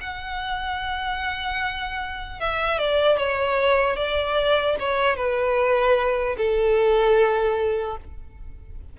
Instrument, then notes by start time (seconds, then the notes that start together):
violin
0.00 F#5
2.40 E5
2.78 D5
3.17 C#5
3.96 D5
4.79 C#5
5.16 B4
6.37 A4